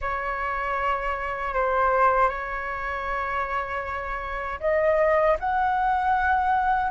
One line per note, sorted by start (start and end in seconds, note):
0.01 1.54 C#5
1.54 2.29 C5
2.29 4.59 C#5
4.60 5.37 D#5
5.39 6.90 F#5